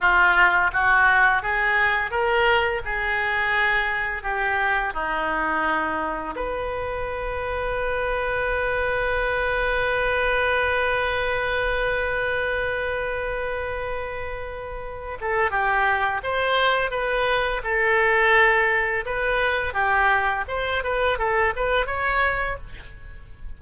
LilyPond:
\new Staff \with { instrumentName = "oboe" } { \time 4/4 \tempo 4 = 85 f'4 fis'4 gis'4 ais'4 | gis'2 g'4 dis'4~ | dis'4 b'2.~ | b'1~ |
b'1~ | b'4. a'8 g'4 c''4 | b'4 a'2 b'4 | g'4 c''8 b'8 a'8 b'8 cis''4 | }